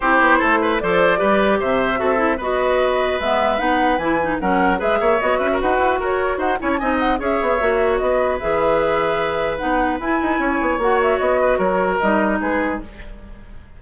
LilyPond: <<
  \new Staff \with { instrumentName = "flute" } { \time 4/4 \tempo 4 = 150 c''2 d''2 | e''2 dis''2 | e''4 fis''4 gis''4 fis''4 | e''4 dis''8 e''8 fis''4 cis''4 |
fis''8 gis''16 a''16 gis''8 fis''8 e''2 | dis''4 e''2. | fis''4 gis''2 fis''8 e''8 | dis''4 cis''4 dis''4 b'4 | }
  \new Staff \with { instrumentName = "oboe" } { \time 4/4 g'4 a'8 b'8 c''4 b'4 | c''4 a'4 b'2~ | b'2. ais'4 | b'8 cis''4 b'16 ais'16 b'4 ais'4 |
c''8 cis''8 dis''4 cis''2 | b'1~ | b'2 cis''2~ | cis''8 b'8 ais'2 gis'4 | }
  \new Staff \with { instrumentName = "clarinet" } { \time 4/4 e'2 a'4 g'4~ | g'4 fis'8 e'8 fis'2 | b4 dis'4 e'8 dis'8 cis'4 | gis'4 fis'2.~ |
fis'8 e'8 dis'4 gis'4 fis'4~ | fis'4 gis'2. | dis'4 e'2 fis'4~ | fis'2 dis'2 | }
  \new Staff \with { instrumentName = "bassoon" } { \time 4/4 c'8 b8 a4 f4 g4 | c4 c'4 b2 | gis4 b4 e4 fis4 | gis8 ais8 b8 cis'8 dis'8 e'8 fis'4 |
dis'8 cis'8 c'4 cis'8 b8 ais4 | b4 e2. | b4 e'8 dis'8 cis'8 b8 ais4 | b4 fis4 g4 gis4 | }
>>